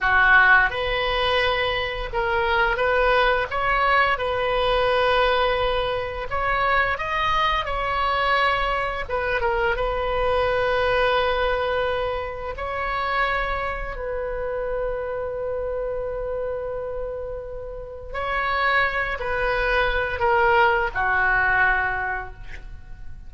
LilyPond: \new Staff \with { instrumentName = "oboe" } { \time 4/4 \tempo 4 = 86 fis'4 b'2 ais'4 | b'4 cis''4 b'2~ | b'4 cis''4 dis''4 cis''4~ | cis''4 b'8 ais'8 b'2~ |
b'2 cis''2 | b'1~ | b'2 cis''4. b'8~ | b'4 ais'4 fis'2 | }